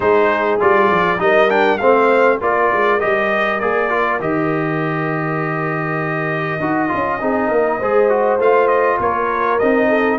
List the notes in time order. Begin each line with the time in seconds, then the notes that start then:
0.00 G#3 D#4 G#4 C5
0.59 G3 F4 D5
0.90 F3
1.18 G3 D#4 A#4 D#5
1.49 D4 G5
1.78 A3 C4 C5 F5
2.40 A#3 F4 A#4 D5
2.72 G#3
3.00 G3 G4 D#5
3.60 A#3 G#4 D5
3.89 F4
4.20 D#3 G4 D#5
6.60 D#4 F#4
6.88 C#4 F4
7.20 C4 D#4 G#4
7.47 A#3 A#4
7.79 G#3 G#4 C5
8.09 F#4
8.38 A3 F4 F5
8.67 D#5
8.99 A#3 A#4 C#5
9.58 C4 D#4 D#5
9.88 A4